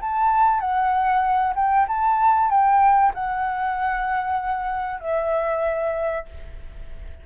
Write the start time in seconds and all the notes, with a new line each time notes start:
0.00 A5
0.60 F#5
1.55 G5
1.87 A5
2.50 G5
3.14 F#5
5.00 E5